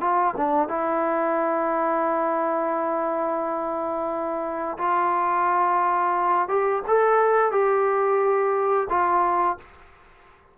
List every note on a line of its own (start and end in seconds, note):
0.00 0.34 F4
0.37 0.68 D4
0.68 4.77 E4
4.78 6.48 F4
6.48 6.82 G4
6.87 7.51 A4
7.51 8.88 G4
8.89 9.57 F4